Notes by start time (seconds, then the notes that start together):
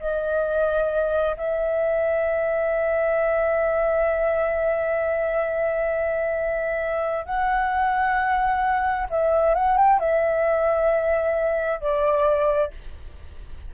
0.00 D#5
1.37 E5
7.26 F#5
9.10 E5
9.55 F#5
9.78 G5
10.00 E5
11.81 D5